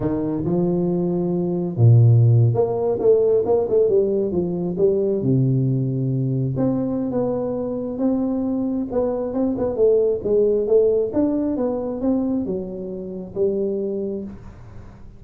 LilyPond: \new Staff \with { instrumentName = "tuba" } { \time 4/4 \tempo 4 = 135 dis4 f2. | ais,4.~ ais,16 ais4 a4 ais16~ | ais16 a8 g4 f4 g4 c16~ | c2~ c8. c'4~ c'16 |
b2 c'2 | b4 c'8 b8 a4 gis4 | a4 d'4 b4 c'4 | fis2 g2 | }